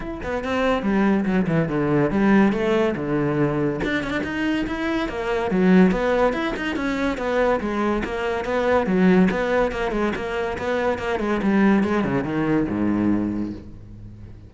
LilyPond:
\new Staff \with { instrumentName = "cello" } { \time 4/4 \tempo 4 = 142 e'8 b8 c'4 g4 fis8 e8 | d4 g4 a4 d4~ | d4 d'8 cis'16 d'16 dis'4 e'4 | ais4 fis4 b4 e'8 dis'8 |
cis'4 b4 gis4 ais4 | b4 fis4 b4 ais8 gis8 | ais4 b4 ais8 gis8 g4 | gis8 cis8 dis4 gis,2 | }